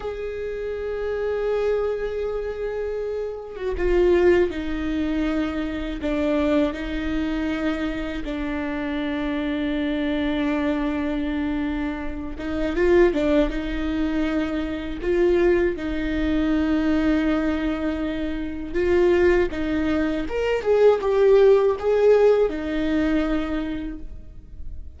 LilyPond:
\new Staff \with { instrumentName = "viola" } { \time 4/4 \tempo 4 = 80 gis'1~ | gis'8. fis'16 f'4 dis'2 | d'4 dis'2 d'4~ | d'1~ |
d'8 dis'8 f'8 d'8 dis'2 | f'4 dis'2.~ | dis'4 f'4 dis'4 ais'8 gis'8 | g'4 gis'4 dis'2 | }